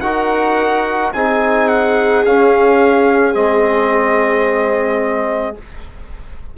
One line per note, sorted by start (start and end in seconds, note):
0.00 1.13 D#4
0.00 1.13 F#4
0.00 1.13 A#4
0.00 1.11 F#5
1.12 2.25 C4
1.12 2.26 D#4
1.12 5.57 G#4
1.12 1.68 G#5
1.68 2.23 F#5
2.25 3.35 C#4
2.25 3.32 C#4
2.25 3.34 F5
3.32 5.57 G#3
3.32 5.55 C4
3.32 5.57 D#5